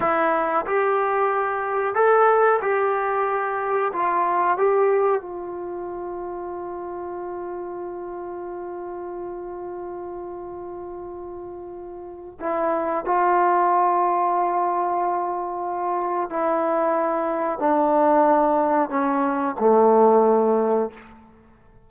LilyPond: \new Staff \with { instrumentName = "trombone" } { \time 4/4 \tempo 4 = 92 e'4 g'2 a'4 | g'2 f'4 g'4 | f'1~ | f'1~ |
f'2. e'4 | f'1~ | f'4 e'2 d'4~ | d'4 cis'4 a2 | }